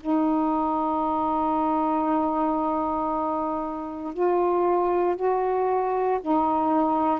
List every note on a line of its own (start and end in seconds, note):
0.00 4.13 D#4
4.13 5.16 F4
5.16 6.19 F#4
6.22 7.20 D#4